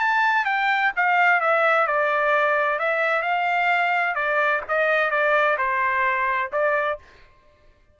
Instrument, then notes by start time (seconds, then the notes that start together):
trumpet
0.00 A5
0.46 G5
0.97 F5
1.41 E5
1.88 D5
2.79 E5
3.23 F5
4.15 D5
4.69 D#5
5.11 D5
5.58 C5
6.53 D5